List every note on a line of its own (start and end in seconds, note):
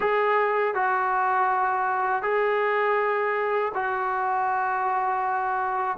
0.00 0.74 G#4
0.74 2.22 F#4
2.22 3.72 G#4
3.74 5.97 F#4